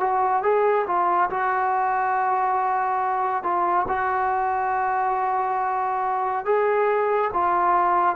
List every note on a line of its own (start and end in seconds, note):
0.00 0.43 F#4
0.43 0.86 G#4
0.86 1.29 F4
1.30 3.43 F#4
3.43 3.86 F4
3.88 6.45 F#4
6.45 7.31 G#4
7.33 8.15 F4